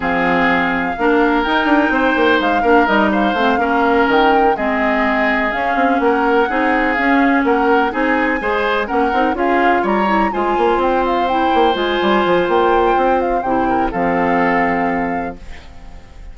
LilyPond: <<
  \new Staff \with { instrumentName = "flute" } { \time 4/4 \tempo 4 = 125 f''2. g''4~ | g''4 f''4 dis''8 f''4.~ | f''8 g''4 dis''2 f''8~ | f''8 fis''2 f''4 fis''8~ |
fis''8 gis''2 fis''4 f''8~ | f''8 ais''4 gis''4 g''8 f''8 g''8~ | g''8 gis''4. g''4. f''8 | g''4 f''2. | }
  \new Staff \with { instrumentName = "oboe" } { \time 4/4 gis'2 ais'2 | c''4. ais'4 c''4 ais'8~ | ais'4. gis'2~ gis'8~ | gis'8 ais'4 gis'2 ais'8~ |
ais'8 gis'4 c''4 ais'4 gis'8~ | gis'8 cis''4 c''2~ c''8~ | c''1~ | c''8 ais'8 a'2. | }
  \new Staff \with { instrumentName = "clarinet" } { \time 4/4 c'2 d'4 dis'4~ | dis'4. d'8 dis'4 c'8 cis'8~ | cis'4. c'2 cis'8~ | cis'4. dis'4 cis'4.~ |
cis'8 dis'4 gis'4 cis'8 dis'8 f'8~ | f'4 e'8 f'2 e'8~ | e'8 f'2.~ f'8 | e'4 c'2. | }
  \new Staff \with { instrumentName = "bassoon" } { \time 4/4 f2 ais4 dis'8 d'8 | c'8 ais8 gis8 ais8 g4 a8 ais8~ | ais8 dis4 gis2 cis'8 | c'8 ais4 c'4 cis'4 ais8~ |
ais8 c'4 gis4 ais8 c'8 cis'8~ | cis'8 g4 gis8 ais8 c'4. | ais8 gis8 g8 f8 ais4 c'4 | c4 f2. | }
>>